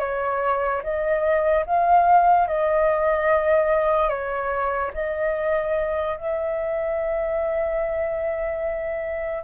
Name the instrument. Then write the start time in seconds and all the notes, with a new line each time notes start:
flute
0.00 C#5
0.83 D#5
1.66 F5
2.48 D#5
4.09 C#5
4.94 D#5
6.17 E5